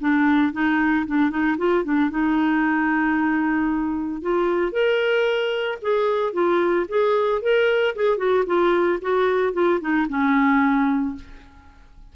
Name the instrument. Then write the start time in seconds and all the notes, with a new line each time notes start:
clarinet
0.00 D4
0.52 D#4
1.06 D4
1.30 D#4
1.58 F4
1.84 D4
2.10 D#4
4.22 F4
4.72 A#4
5.81 G#4
6.33 F4
6.88 G#4
7.42 A#4
7.95 G#4
8.17 F#4
8.46 F4
9.01 F#4
9.53 F4
9.80 D#4
10.09 C#4